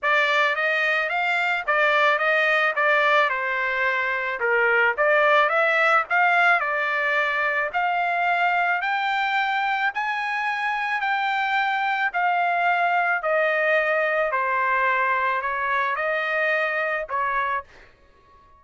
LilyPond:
\new Staff \with { instrumentName = "trumpet" } { \time 4/4 \tempo 4 = 109 d''4 dis''4 f''4 d''4 | dis''4 d''4 c''2 | ais'4 d''4 e''4 f''4 | d''2 f''2 |
g''2 gis''2 | g''2 f''2 | dis''2 c''2 | cis''4 dis''2 cis''4 | }